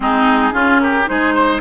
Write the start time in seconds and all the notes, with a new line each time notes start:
0.00 G#3 C4 D#4 G#4
0.52 C#3 C#4 F4
0.79 G4 A#4
1.06 G#3 D#4 G#4 C5
1.34 C5